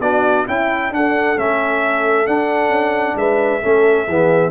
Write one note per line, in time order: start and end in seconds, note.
0.00 0.45 B3
0.00 0.47 D4
0.00 0.46 F#4
0.00 0.46 D5
0.46 0.90 C#4
0.46 0.92 E4
0.46 0.91 E4
0.46 0.93 G5
0.90 1.35 D4
0.90 1.36 D4
0.90 3.18 A4
0.90 1.38 F#5
1.36 2.27 A3
1.36 2.27 C#4
1.36 2.27 E5
2.27 3.62 D4
2.27 2.69 D4
2.27 3.17 F#5
2.69 3.14 C#4
3.15 3.60 G#3
3.15 3.63 B4
3.15 4.51 E5
3.62 4.08 A3
3.62 4.07 C#4
3.62 4.06 A4
4.06 4.51 E3
4.06 4.51 B3
4.06 4.51 G#4